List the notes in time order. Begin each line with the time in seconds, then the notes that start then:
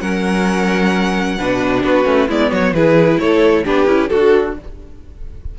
0.00 F#3 C#4 A#4 F#5
1.38 B2 D4 B4
1.83 B3 F#4 B4
2.04 A3 C#4
2.28 G#3 B3 E4 D5
2.50 F#3 F#4 C#5
2.72 E3 E4 G#4 B4
3.19 A3 A4 C#5
3.64 B3 D4 G4 B4
3.86 C#4 E4
4.08 D4 F#4 A4